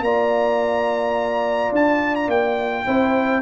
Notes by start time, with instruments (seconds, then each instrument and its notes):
0.00 tuba A#3, trombone F4, horn D5, trumpet A#5
1.72 tuba D4, trumpet A5
2.15 trumpet A#5
2.27 tuba A#3, trumpet G5
2.85 tuba C4, trombone E4, horn C5